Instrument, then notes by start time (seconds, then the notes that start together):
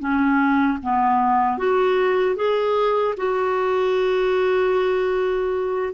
clarinet
0.00 C#4
0.83 B3
1.59 F#4
2.36 G#4
3.18 F#4